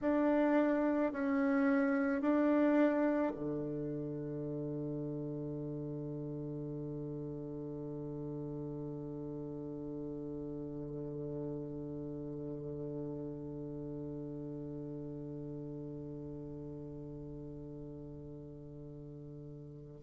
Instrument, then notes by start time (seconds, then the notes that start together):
bassoon
0.01 D4
1.12 C#4
2.21 D4
3.34 D3